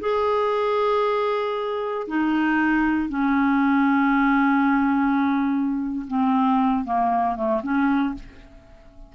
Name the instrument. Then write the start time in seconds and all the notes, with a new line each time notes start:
clarinet
0.00 G#4
2.08 D#4
3.09 C#4
6.08 C4
6.85 A#3
7.36 A3
7.63 C#4